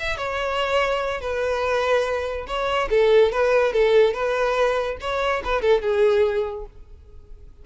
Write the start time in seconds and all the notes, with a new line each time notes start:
0.00 E5
0.18 C#5
1.21 B4
2.48 C#5
2.91 A4
3.32 B4
3.73 A4
4.14 B4
5.01 C#5
5.45 B4
5.62 A4
5.82 G#4